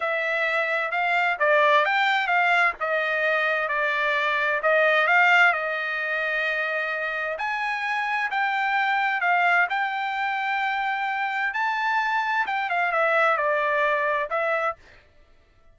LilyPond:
\new Staff \with { instrumentName = "trumpet" } { \time 4/4 \tempo 4 = 130 e''2 f''4 d''4 | g''4 f''4 dis''2 | d''2 dis''4 f''4 | dis''1 |
gis''2 g''2 | f''4 g''2.~ | g''4 a''2 g''8 f''8 | e''4 d''2 e''4 | }